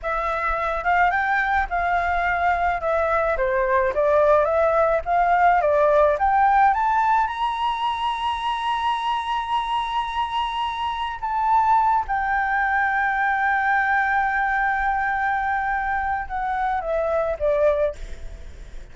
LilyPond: \new Staff \with { instrumentName = "flute" } { \time 4/4 \tempo 4 = 107 e''4. f''8 g''4 f''4~ | f''4 e''4 c''4 d''4 | e''4 f''4 d''4 g''4 | a''4 ais''2.~ |
ais''1 | a''4. g''2~ g''8~ | g''1~ | g''4 fis''4 e''4 d''4 | }